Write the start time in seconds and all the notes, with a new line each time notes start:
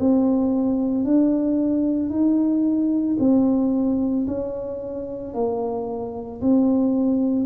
0.00 C4
1.05 D4
2.10 D#4
3.19 C4
4.28 C#4
5.34 A#3
6.41 C4